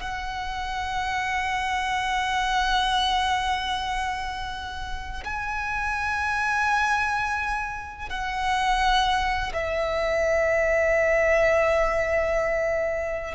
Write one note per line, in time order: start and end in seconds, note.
0.00 5.24 F#5
5.25 8.10 G#5
8.10 9.53 F#5
9.53 13.34 E5